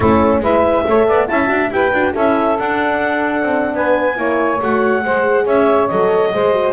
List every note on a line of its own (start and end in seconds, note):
0.00 0.39 A3
0.00 0.44 C#4
0.00 0.40 E4
0.00 0.42 A4
0.39 0.82 G#3
0.39 0.86 E4
0.39 0.85 B4
0.39 1.27 E5
0.87 1.08 A3
0.87 1.28 A4
0.87 1.07 C#5
1.07 1.29 B3
1.07 1.28 D5
1.27 1.49 C#4
1.27 1.46 E4
1.27 1.73 E5
1.27 1.70 A5
1.46 1.70 D4
1.46 1.67 F#4
1.70 1.92 E4
1.70 1.92 G4
1.70 2.13 B4
1.70 2.14 G5
1.92 2.14 D4
1.92 2.14 F#4
2.13 2.58 C#4
2.13 2.57 E4
2.13 3.73 A4
2.13 2.58 E5
2.58 4.15 D4
2.58 3.42 D4
2.58 3.75 F#5
3.42 3.74 C4
3.74 4.17 B3
3.74 4.17 B4
3.74 4.61 G#5
4.15 4.60 A#3
4.15 4.58 E4
4.15 5.03 C#5
4.60 5.04 A3
4.60 5.03 F#4
4.60 5.47 F#5
5.04 5.46 G#3
5.04 5.89 G#4
5.04 5.44 C5
5.44 5.89 C#4
5.44 6.29 C#5
5.44 5.87 E5
5.87 6.34 F#3
5.87 6.32 A4
5.87 6.73 D#5
6.32 6.73 G#3
6.32 6.52 G#4
6.32 6.73 C5
6.52 6.73 F#4